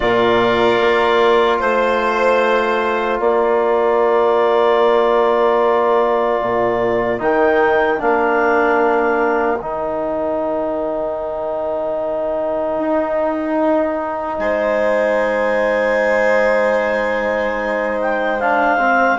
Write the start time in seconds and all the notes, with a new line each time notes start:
0.00 A#2 F4 A#4 D5
0.80 A#3
1.59 A3 C5
3.18 A#3 A#4 D5
6.41 A#2
7.19 D#3 D#4 G5
7.98 A#3 D4 F5
9.59 D#3 D#4 G5
12.78 D#4
14.38 G#3 C5 G#5
18.01 G5
18.40 D4 F5
18.78 C4